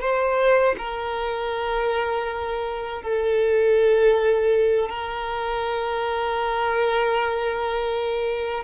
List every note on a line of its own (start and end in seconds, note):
0.00 0.75 C5
0.78 3.02 A#4
3.02 4.89 A4
4.89 8.64 A#4